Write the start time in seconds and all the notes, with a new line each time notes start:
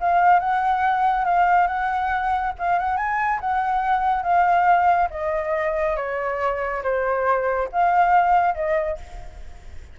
0.00 F5
0.40 F#5
1.25 F5
1.67 F#5
2.59 F5
2.79 F#5
2.97 G#5
3.40 F#5
4.23 F5
5.10 D#5
5.96 C#5
6.83 C5
7.72 F5
8.55 D#5